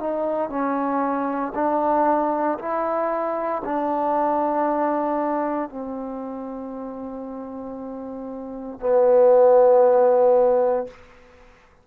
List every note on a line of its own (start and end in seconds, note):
0.00 0.49 D#4
0.49 1.53 C#4
1.55 2.58 D4
2.59 3.62 E4
3.64 5.69 D4
5.69 8.80 C4
8.80 10.87 B3